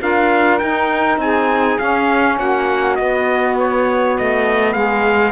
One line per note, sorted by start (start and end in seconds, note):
0.00 0.61 D4
0.00 0.59 F4
0.00 1.21 A#4
0.00 0.59 F5
0.59 1.79 D#4
0.59 1.18 D#4
0.59 1.18 G5
1.18 1.77 C4
1.18 2.37 G#4
1.18 1.79 G#5
1.79 2.98 C#4
1.79 2.39 C#4
1.79 2.38 F5
2.37 2.99 A#3
2.37 4.74 F#4
2.37 2.96 F#5
2.96 5.32 B3
2.96 4.17 B3
2.96 3.55 D#5
3.59 4.18 C#5
4.18 4.75 A3
4.18 4.73 D#5
4.73 5.32 G#3
4.73 5.32 G#4
4.73 5.32 F5